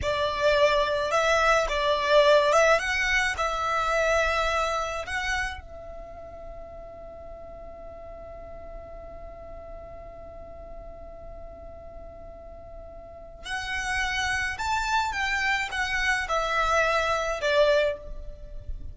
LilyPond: \new Staff \with { instrumentName = "violin" } { \time 4/4 \tempo 4 = 107 d''2 e''4 d''4~ | d''8 e''8 fis''4 e''2~ | e''4 fis''4 e''2~ | e''1~ |
e''1~ | e''1 | fis''2 a''4 g''4 | fis''4 e''2 d''4 | }